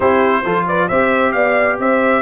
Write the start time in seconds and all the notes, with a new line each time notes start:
0.00 C4 E4 G4 C5
0.44 F3 F4 A4
0.67 B4 D5
0.88 C4 G4 C5 E5
1.32 B3 D5 F5
1.79 C4 C5 E5